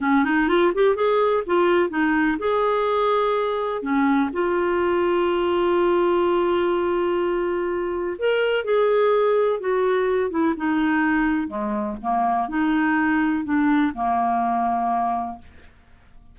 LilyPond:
\new Staff \with { instrumentName = "clarinet" } { \time 4/4 \tempo 4 = 125 cis'8 dis'8 f'8 g'8 gis'4 f'4 | dis'4 gis'2. | cis'4 f'2.~ | f'1~ |
f'4 ais'4 gis'2 | fis'4. e'8 dis'2 | gis4 ais4 dis'2 | d'4 ais2. | }